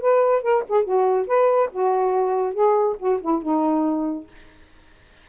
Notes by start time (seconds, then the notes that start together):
0.00 B4
0.42 A#4
0.68 G#4
0.84 F#4
1.27 B4
1.71 F#4
2.53 G#4
2.98 F#4
3.21 E4
3.42 D#4